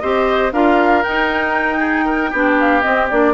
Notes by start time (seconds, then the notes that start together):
0.00 C4 G4 C5 D#5
0.53 D4 F4 A#4 F5
1.03 D#4 G5
1.79 G#4
2.05 A#4
2.31 B3 D4 G4
2.60 F5
2.82 C4 D#5
3.10 A#3 D4 D5